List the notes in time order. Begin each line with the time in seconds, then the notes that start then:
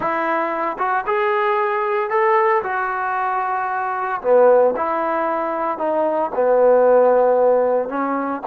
0.00 E4
0.78 F#4
1.06 G#4
2.10 A4
2.63 F#4
4.21 B3
4.76 E4
5.78 D#4
6.34 B3
7.88 C#4